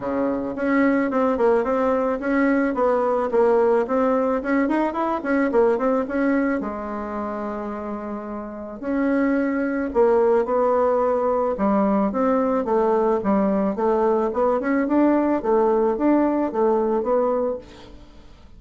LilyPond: \new Staff \with { instrumentName = "bassoon" } { \time 4/4 \tempo 4 = 109 cis4 cis'4 c'8 ais8 c'4 | cis'4 b4 ais4 c'4 | cis'8 dis'8 e'8 cis'8 ais8 c'8 cis'4 | gis1 |
cis'2 ais4 b4~ | b4 g4 c'4 a4 | g4 a4 b8 cis'8 d'4 | a4 d'4 a4 b4 | }